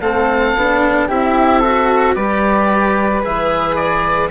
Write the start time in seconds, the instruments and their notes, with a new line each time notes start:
0.00 bassoon A3, cello C4, flute A4, oboe F5
0.55 bassoon B3, cello D4
1.08 bassoon C4, cello E4, flute G4, oboe E5
1.59 cello F#4, flute A4
2.15 bassoon G3, cello G4, flute B4, oboe D5
3.22 bassoon E3, cello G#4, oboe E5
3.75 oboe D5